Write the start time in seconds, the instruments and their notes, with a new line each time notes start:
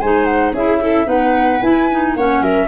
0.00 tuba G#3, clarinet D#4, viola C5, flute G#5
0.25 flute F#5
0.52 tuba C#4, clarinet E4, viola G#4, flute E5
0.81 viola E4, clarinet A4
1.05 tuba B3, clarinet D#4, viola B4, flute F#5
1.62 tuba E4, clarinet E4, flute G#5
1.91 clarinet D#4
2.16 tuba A#3, clarinet C#4, viola C#5, flute F#5
2.42 tuba F#3, viola A#4, flute E5